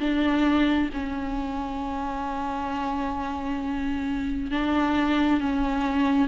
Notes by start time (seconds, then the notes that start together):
0.00 D4
0.94 C#4
4.51 D4
5.41 C#4